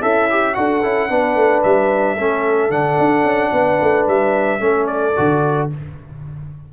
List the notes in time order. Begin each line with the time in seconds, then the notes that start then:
0.00 C#4 E4 A4 E5
0.31 G4
0.54 D4 F#4 A4 F#5
0.83 C#4 E4
1.09 B3 D4 B4
1.36 A3
1.63 G3 E5
2.15 A3 C#4 A4
2.70 D3 D4 F#5
2.99 D4
3.24 C#4
3.52 B3 B4
3.81 A3
4.08 G3 E5
4.59 A3 C#4 A4
4.87 D5
5.16 D3 F#4